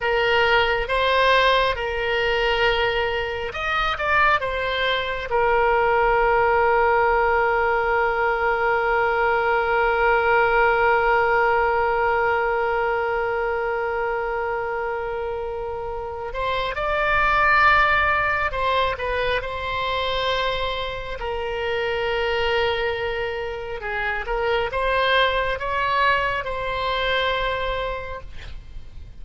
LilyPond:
\new Staff \with { instrumentName = "oboe" } { \time 4/4 \tempo 4 = 68 ais'4 c''4 ais'2 | dis''8 d''8 c''4 ais'2~ | ais'1~ | ais'1~ |
ais'2~ ais'8 c''8 d''4~ | d''4 c''8 b'8 c''2 | ais'2. gis'8 ais'8 | c''4 cis''4 c''2 | }